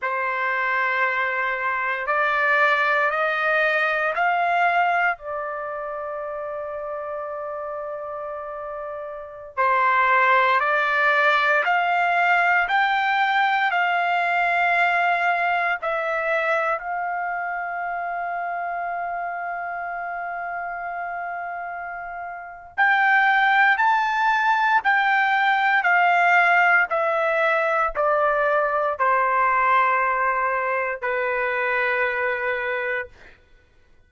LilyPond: \new Staff \with { instrumentName = "trumpet" } { \time 4/4 \tempo 4 = 58 c''2 d''4 dis''4 | f''4 d''2.~ | d''4~ d''16 c''4 d''4 f''8.~ | f''16 g''4 f''2 e''8.~ |
e''16 f''2.~ f''8.~ | f''2 g''4 a''4 | g''4 f''4 e''4 d''4 | c''2 b'2 | }